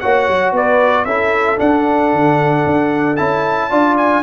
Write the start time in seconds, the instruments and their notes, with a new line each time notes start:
0.00 tuba A#3, trombone F#4, horn C#5, trumpet F#5
0.28 tuba F#3
0.52 tuba B3, horn B4, trumpet D5
1.05 tuba C#4, trombone E4, horn A4, trumpet E5
1.57 trombone D4, tuba D4, trumpet F#5
2.13 tuba D3
2.66 tuba D4
3.17 tuba C#4, trombone E4, trumpet A5
3.70 tuba D4, trombone F4, horn D5
3.97 trumpet G#5